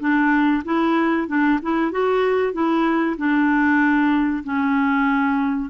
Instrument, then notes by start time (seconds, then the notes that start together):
clarinet
0.00 D4
0.65 E4
1.28 D4
1.62 E4
1.91 F#4
2.53 E4
3.18 D4
4.44 C#4